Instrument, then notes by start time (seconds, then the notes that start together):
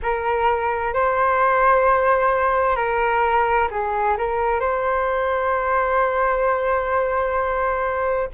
flute
0.02 A#4
0.93 C5
2.76 A#4
3.70 G#4
4.17 A#4
4.59 C5